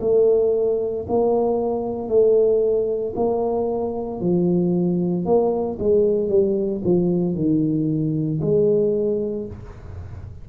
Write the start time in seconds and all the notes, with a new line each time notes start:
0.00 A3
1.08 A#3
2.08 A3
3.15 A#3
4.20 F3
5.25 A#3
5.78 G#3
6.28 G3
6.84 F3
7.34 D#3
8.41 G#3